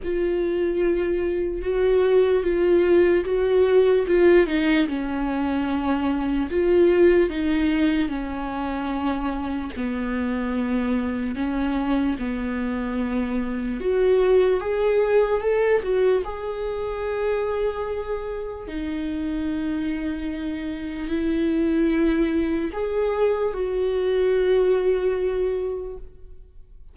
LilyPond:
\new Staff \with { instrumentName = "viola" } { \time 4/4 \tempo 4 = 74 f'2 fis'4 f'4 | fis'4 f'8 dis'8 cis'2 | f'4 dis'4 cis'2 | b2 cis'4 b4~ |
b4 fis'4 gis'4 a'8 fis'8 | gis'2. dis'4~ | dis'2 e'2 | gis'4 fis'2. | }